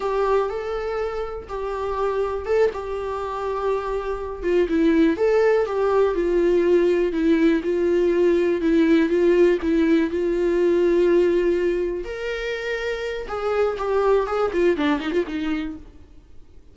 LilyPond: \new Staff \with { instrumentName = "viola" } { \time 4/4 \tempo 4 = 122 g'4 a'2 g'4~ | g'4 a'8 g'2~ g'8~ | g'4 f'8 e'4 a'4 g'8~ | g'8 f'2 e'4 f'8~ |
f'4. e'4 f'4 e'8~ | e'8 f'2.~ f'8~ | f'8 ais'2~ ais'8 gis'4 | g'4 gis'8 f'8 d'8 dis'16 f'16 dis'4 | }